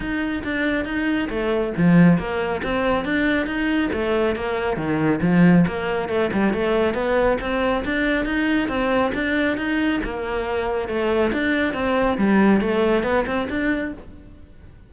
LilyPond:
\new Staff \with { instrumentName = "cello" } { \time 4/4 \tempo 4 = 138 dis'4 d'4 dis'4 a4 | f4 ais4 c'4 d'4 | dis'4 a4 ais4 dis4 | f4 ais4 a8 g8 a4 |
b4 c'4 d'4 dis'4 | c'4 d'4 dis'4 ais4~ | ais4 a4 d'4 c'4 | g4 a4 b8 c'8 d'4 | }